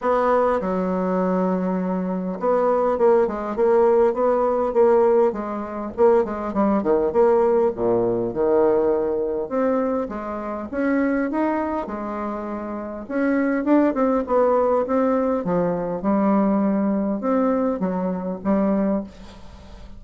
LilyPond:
\new Staff \with { instrumentName = "bassoon" } { \time 4/4 \tempo 4 = 101 b4 fis2. | b4 ais8 gis8 ais4 b4 | ais4 gis4 ais8 gis8 g8 dis8 | ais4 ais,4 dis2 |
c'4 gis4 cis'4 dis'4 | gis2 cis'4 d'8 c'8 | b4 c'4 f4 g4~ | g4 c'4 fis4 g4 | }